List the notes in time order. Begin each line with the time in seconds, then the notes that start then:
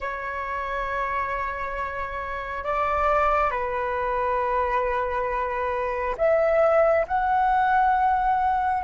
0.00 C#5
2.64 D5
3.51 B4
6.17 E5
7.07 F#5